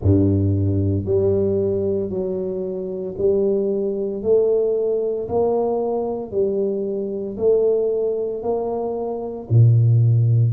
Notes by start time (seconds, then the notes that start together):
0.02 G2
1.05 G3
2.09 F#3
3.17 G3
4.22 A3
5.28 A#3
6.31 G3
7.37 A3
8.42 A#3
9.49 A#2